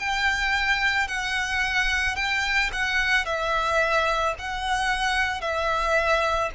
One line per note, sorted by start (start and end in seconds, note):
0.00 1.09 G5
1.09 2.16 F#5
2.16 2.71 G5
2.73 3.26 F#5
3.26 4.35 E5
4.39 5.41 F#5
5.41 6.51 E5